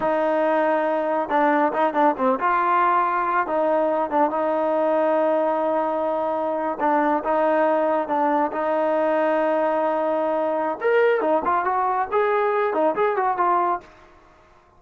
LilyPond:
\new Staff \with { instrumentName = "trombone" } { \time 4/4 \tempo 4 = 139 dis'2. d'4 | dis'8 d'8 c'8 f'2~ f'8 | dis'4. d'8 dis'2~ | dis'2.~ dis'8. d'16~ |
d'8. dis'2 d'4 dis'16~ | dis'1~ | dis'4 ais'4 dis'8 f'8 fis'4 | gis'4. dis'8 gis'8 fis'8 f'4 | }